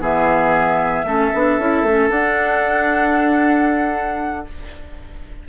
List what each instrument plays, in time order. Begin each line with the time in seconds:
0.00 bassoon E3, clarinet B3, oboe G#4, flute E5
1.04 bassoon A3, clarinet C#4, oboe A4
1.34 bassoon B3, clarinet D4
1.59 bassoon C#4, clarinet E4
1.83 bassoon A3, clarinet C#4
2.09 clarinet D4, bassoon D4, flute F#5